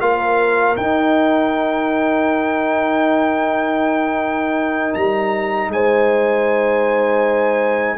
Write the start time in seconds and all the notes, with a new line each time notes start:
0.00 A#3 F4 A#4 F5
0.76 D#4 G5
4.94 G3 A#5
5.68 G#3 C5 G#5